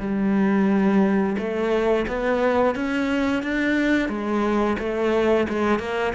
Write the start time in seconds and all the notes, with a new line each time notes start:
0.00 G3
1.38 A3
2.07 B3
2.75 C#4
3.43 D4
4.08 G#3
4.79 A3
5.49 G#3
5.79 A#3